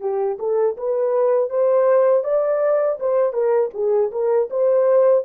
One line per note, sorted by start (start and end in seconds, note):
0.00 0.38 G4
0.39 0.76 A4
0.77 1.49 B4
1.49 2.23 C5
2.23 2.98 D5
2.99 3.32 C5
3.32 3.70 A#4
3.73 4.11 G#4
4.11 4.49 A#4
4.50 5.24 C5